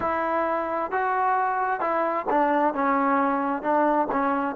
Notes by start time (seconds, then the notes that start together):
0.00 E4
0.91 F#4
1.80 E4
2.30 D4
2.74 C#4
3.62 D4
4.12 C#4